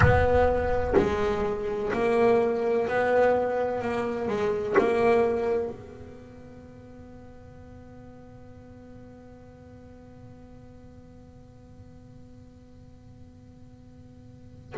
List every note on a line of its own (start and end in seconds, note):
0.00 0.94 B3
0.97 1.92 G#3
1.92 2.87 A#3
2.87 3.81 B3
3.81 4.28 A#3
4.28 4.75 G#3
4.78 5.69 A#3
5.69 14.74 B3